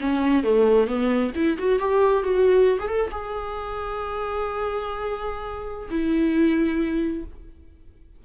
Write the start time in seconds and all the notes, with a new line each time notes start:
0.00 C#4
0.43 A3
0.87 B3
1.35 E4
1.58 F#4
1.79 G4
2.23 F#4
2.79 G#4
2.88 A4
3.11 G#4
5.90 E4